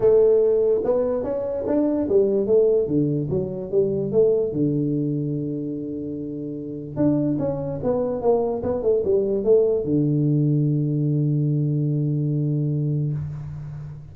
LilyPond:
\new Staff \with { instrumentName = "tuba" } { \time 4/4 \tempo 4 = 146 a2 b4 cis'4 | d'4 g4 a4 d4 | fis4 g4 a4 d4~ | d1~ |
d4 d'4 cis'4 b4 | ais4 b8 a8 g4 a4 | d1~ | d1 | }